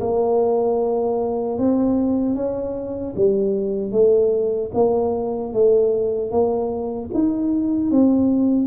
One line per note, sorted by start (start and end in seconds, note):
0.00 1.58 A#3
1.58 2.35 C4
2.35 3.14 C#4
3.16 3.92 G3
3.92 4.70 A3
4.74 5.53 A#3
5.53 6.31 A3
6.31 7.10 A#3
7.13 7.91 D#4
7.91 8.67 C4